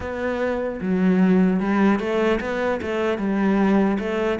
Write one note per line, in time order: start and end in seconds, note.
0.00 0.80 B3
0.81 1.60 F#3
1.60 1.99 G3
1.99 2.39 A3
2.40 2.80 B3
2.81 3.18 A3
3.18 3.98 G3
3.99 4.39 A3